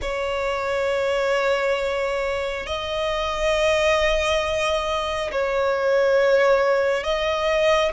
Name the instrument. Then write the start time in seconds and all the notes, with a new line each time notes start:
violin
0.01 C#5
2.66 D#5
5.31 C#5
7.03 D#5